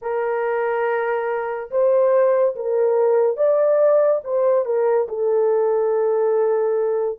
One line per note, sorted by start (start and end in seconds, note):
0.01 1.70 A#4
1.71 2.55 C5
2.55 3.36 A#4
3.36 4.21 D5
4.24 4.65 C5
4.65 5.07 A#4
5.08 7.19 A4